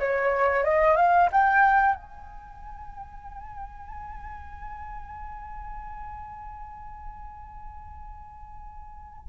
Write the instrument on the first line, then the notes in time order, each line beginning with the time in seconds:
flute
0.00 C#5
0.65 D#5
0.97 F5
1.32 G5
1.96 G#5